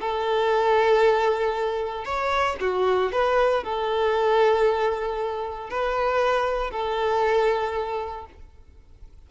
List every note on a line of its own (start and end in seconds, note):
0.00 2.05 A4
2.05 2.56 C#5
2.60 3.12 F#4
3.12 3.63 B4
3.63 5.70 A4
5.70 6.71 B4
6.71 8.26 A4